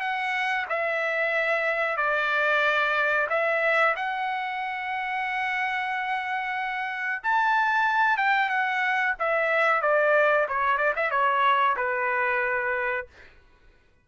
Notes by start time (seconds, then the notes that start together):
0.00 F#5
0.69 E5
1.97 D5
3.29 E5
3.96 F#5
7.23 A5
8.17 G5
8.49 F#5
9.19 E5
9.81 D5
10.48 C#5
10.77 D5
10.96 E5
11.10 C#5
11.76 B4